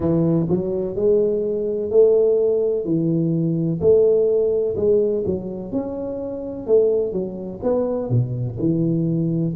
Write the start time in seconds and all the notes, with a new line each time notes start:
0.00 E3
0.49 F#3
0.95 G#3
1.90 A3
2.84 E3
3.81 A3
4.76 G#3
5.26 F#3
5.71 C#4
6.66 A3
7.12 F#3
7.62 B3
8.09 B2
8.59 E3